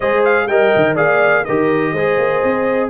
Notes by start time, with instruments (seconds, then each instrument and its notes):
0.00 tuba G#3, trombone G#4, horn C5, trumpet D#5
0.24 trumpet F5
0.47 tuba G3, trombone A#4, horn D#5, trumpet G5
0.76 tuba D#3
0.95 tuba A#3, trombone G#4, horn D5, trumpet F5
1.44 tuba D#3, trombone G4, horn A#4, trumpet D#5
1.92 tuba G#3, trombone G#4, horn C5
2.18 tuba A#3
2.43 tuba C4